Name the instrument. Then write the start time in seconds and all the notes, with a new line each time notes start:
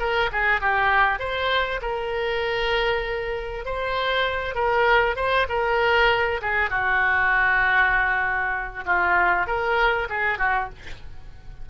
oboe
0.00 A#4
0.32 G#4
0.62 G4
1.20 C5
1.82 A#4
3.66 C5
4.55 A#4
5.17 C5
5.49 A#4
6.42 G#4
6.70 F#4
8.86 F4
9.47 A#4
10.10 G#4
10.39 F#4